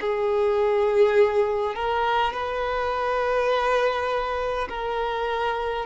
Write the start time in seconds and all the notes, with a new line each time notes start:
0.00 G#4
1.75 A#4
2.33 B4
4.68 A#4